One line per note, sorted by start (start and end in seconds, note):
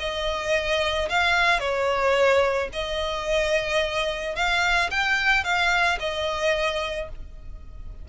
0.00 1.09 D#5
1.10 1.60 F5
1.60 2.69 C#5
2.73 4.36 D#5
4.36 4.91 F5
4.91 5.44 G5
5.44 5.99 F5
6.00 7.09 D#5